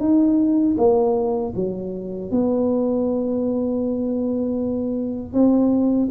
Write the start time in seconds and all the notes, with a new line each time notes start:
0.00 D#4
0.78 A#3
1.56 F#3
2.31 B3
5.33 C4